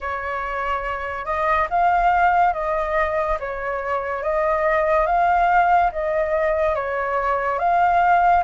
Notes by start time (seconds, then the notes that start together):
0.00 C#5
1.25 D#5
1.69 F5
2.53 D#5
3.39 C#5
4.23 D#5
5.06 F5
5.92 D#5
6.75 C#5
7.58 F5